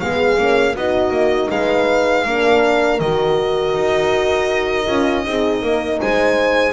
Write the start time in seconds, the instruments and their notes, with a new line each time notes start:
0.00 double bass G#3, horn B3 G#4, violin F5
0.37 double bass A#3, horn C#4
0.75 double bass B3, horn D#4 F#4, violin D#5
1.10 double bass A#3
1.50 double bass G#3, horn B4, violin F5
2.25 double bass A#3, horn D4 A#4
3.00 double bass D#3, horn F#4, violin D#5
3.74 double bass D#4
4.86 double bass C#4, horn F4
5.24 double bass C4, horn D#4 G#4
5.62 double bass A#3, horn A#4
6.00 double bass G#3, horn C5, violin G#5